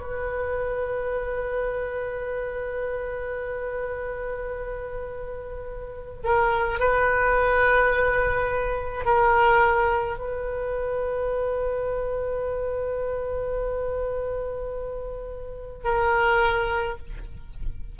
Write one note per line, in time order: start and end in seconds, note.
0.00 6.23 B4
6.24 6.79 A#4
6.79 9.05 B4
9.05 10.18 A#4
10.18 15.84 B4
15.84 16.98 A#4